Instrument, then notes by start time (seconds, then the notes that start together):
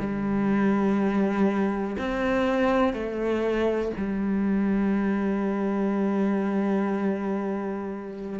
cello
0.00 G3
1.99 C4
2.94 A3
3.97 G3